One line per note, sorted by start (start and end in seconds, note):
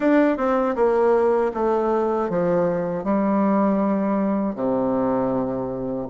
0.00 0.37 D4
0.37 0.75 C4
0.75 1.51 A#3
1.54 2.29 A3
2.29 3.04 F3
3.04 4.55 G3
4.55 6.07 C3